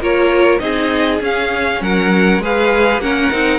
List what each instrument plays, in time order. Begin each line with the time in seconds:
0.00 cello A#3, viola F4, violin A#4 C#5
0.60 cello C4, viola D#4, violin G#4 D#5
1.21 cello C#4, viola C#4, violin F5
1.81 cello F#3, violin A#4 F#5
2.39 cello G#3, viola G#4, violin B4 F5
2.98 cello A#3, viola C#4, violin A#4 F#5
3.31 cello C4, viola D#4